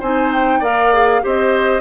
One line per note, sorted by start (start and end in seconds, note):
0.00 0.61 C4
0.00 0.64 D#4
0.00 0.60 C5
0.00 0.33 G#5
0.33 0.64 G5
0.60 1.22 A#3
0.60 0.94 A#4
0.60 1.21 D5
0.60 1.25 F5
0.94 1.22 G#4
1.22 1.81 C4
1.22 1.81 G4
1.22 1.81 C5
1.22 1.81 D#5